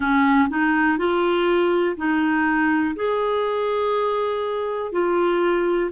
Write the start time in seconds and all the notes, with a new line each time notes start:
0.00 C#4
0.49 D#4
0.97 F4
1.97 D#4
2.95 G#4
4.92 F4